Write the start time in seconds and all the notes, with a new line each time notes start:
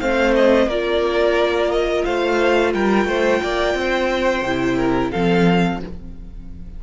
0.00 A3 C4 C5 F5
0.36 D#5
0.67 A#3 F4 A#4 D5
1.71 D#5
2.05 A3 C5 F5
2.74 G3 A#4 G5
3.05 A3 C5
3.43 A#3 D5
3.75 C4 C5
4.42 C3 E4
4.77 A#4
5.11 F3 C4 A4 F5